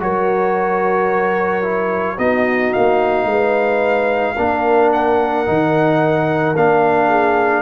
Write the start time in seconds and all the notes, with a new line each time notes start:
0.00 F#3 F#4 A#4 C#5
1.62 E4
2.18 B3 D#4 F#4 D#5
2.73 A#3 F5
3.25 G#3 B4
4.35 A#3 D4 A#4
4.93 F#5
5.46 D#3 D#4
6.55 A#3 D4 F5
7.08 G#4